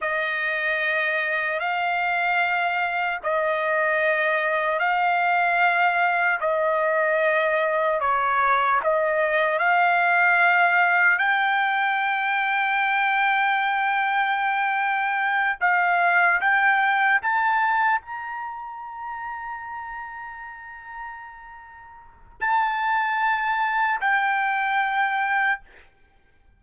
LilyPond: \new Staff \with { instrumentName = "trumpet" } { \time 4/4 \tempo 4 = 75 dis''2 f''2 | dis''2 f''2 | dis''2 cis''4 dis''4 | f''2 g''2~ |
g''2.~ g''8 f''8~ | f''8 g''4 a''4 ais''4.~ | ais''1 | a''2 g''2 | }